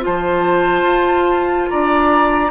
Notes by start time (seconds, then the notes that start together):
0.00 F4 C5 A5
0.07 F3
0.82 F4
1.69 D4 D5 A#5